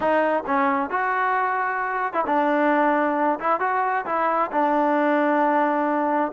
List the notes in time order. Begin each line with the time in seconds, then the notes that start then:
0.00 D#4
0.46 C#4
0.90 F#4
2.13 E4
2.26 D4
3.39 E4
3.59 F#4
4.05 E4
4.51 D4